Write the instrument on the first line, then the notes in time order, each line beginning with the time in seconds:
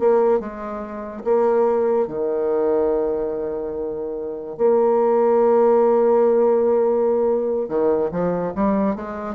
bassoon
0.00 A#3
0.40 G#3
1.25 A#3
2.08 D#3
4.58 A#3
7.69 D#3
8.12 F3
8.55 G3
8.96 G#3